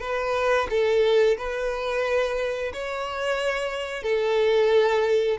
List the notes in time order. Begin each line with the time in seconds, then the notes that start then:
0.00 B4
0.70 A4
1.37 B4
2.73 C#5
4.03 A4